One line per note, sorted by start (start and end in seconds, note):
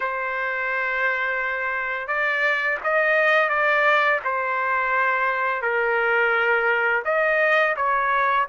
0.00 2.07 C5
2.07 2.78 D5
2.83 3.49 D#5
3.49 4.19 D5
4.24 5.61 C5
5.61 7.03 A#4
7.05 7.75 D#5
7.76 8.46 C#5